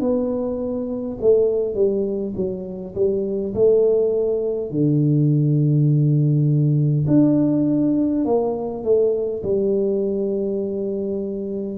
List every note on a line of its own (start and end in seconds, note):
0.00 1.18 B3
1.21 1.74 A3
1.74 2.33 G3
2.35 2.94 F#3
2.95 3.53 G3
3.53 4.70 A3
4.70 7.05 D3
7.07 8.25 D4
8.25 8.83 A#3
8.83 9.42 A3
9.43 11.78 G3